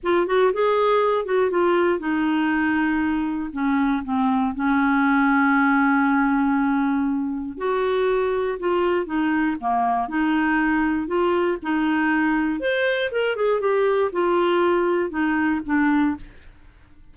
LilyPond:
\new Staff \with { instrumentName = "clarinet" } { \time 4/4 \tempo 4 = 119 f'8 fis'8 gis'4. fis'8 f'4 | dis'2. cis'4 | c'4 cis'2.~ | cis'2. fis'4~ |
fis'4 f'4 dis'4 ais4 | dis'2 f'4 dis'4~ | dis'4 c''4 ais'8 gis'8 g'4 | f'2 dis'4 d'4 | }